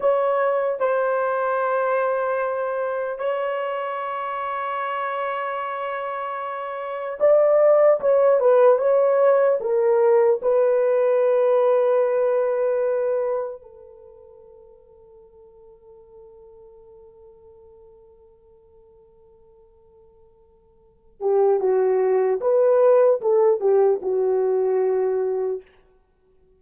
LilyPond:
\new Staff \with { instrumentName = "horn" } { \time 4/4 \tempo 4 = 75 cis''4 c''2. | cis''1~ | cis''4 d''4 cis''8 b'8 cis''4 | ais'4 b'2.~ |
b'4 a'2.~ | a'1~ | a'2~ a'8 g'8 fis'4 | b'4 a'8 g'8 fis'2 | }